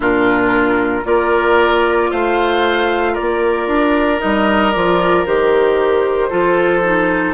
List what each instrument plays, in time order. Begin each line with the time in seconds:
0.00 bassoon A#2, clarinet D4, oboe F4, flute A#4
1.04 bassoon A#3, clarinet F4, oboe A#4, flute D5
2.10 bassoon A3, oboe C5, flute F5
3.12 oboe A#4, flute D5
3.20 bassoon A#3
3.67 bassoon D4
4.18 bassoon G3, clarinet D#4, flute D#5
4.72 bassoon F3, clarinet F4, flute D5
5.26 bassoon D#3, clarinet G4, flute C5
6.29 bassoon F3, clarinet F4, oboe A4
6.83 clarinet D#4